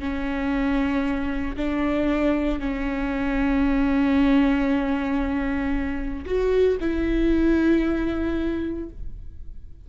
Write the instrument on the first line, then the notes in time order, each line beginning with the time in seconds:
viola
0.00 C#4
1.57 D4
2.60 C#4
6.26 F#4
6.81 E4